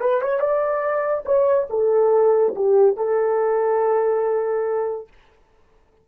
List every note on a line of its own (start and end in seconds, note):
0.00 0.21 B4
0.21 0.40 C#5
0.40 1.24 D5
1.25 1.67 C#5
1.70 2.54 A4
2.55 2.96 G4
2.96 5.08 A4